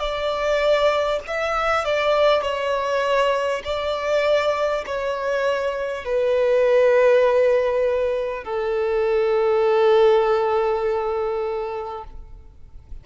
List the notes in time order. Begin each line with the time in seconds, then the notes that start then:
0.00 D5
1.28 E5
1.85 D5
2.43 C#5
3.65 D5
4.87 C#5
6.05 B4
8.45 A4